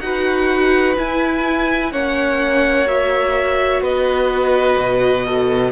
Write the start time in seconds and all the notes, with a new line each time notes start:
0.00 D#4 F#4 B4 F#5
0.97 E4 G#5
1.92 A#3 C#4 C#5 F#5
2.87 F#4 E5
3.81 B3 B4 D#5
4.78 B2
5.26 A4